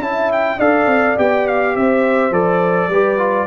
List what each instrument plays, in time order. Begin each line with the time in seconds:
0.00 tuba C#4, trombone E4, horn E5, trumpet A5
0.32 trumpet G5
0.58 tuba D4, trombone A4, horn D5, trumpet F5
0.86 tuba C4
1.17 tuba B3, trombone G4, trumpet G5
1.47 trumpet F5
1.76 tuba C4, horn C5, trumpet E5
2.31 tuba F3, trombone A4, trumpet D5
2.88 tuba G3, trombone G4, horn B4
3.18 trombone F4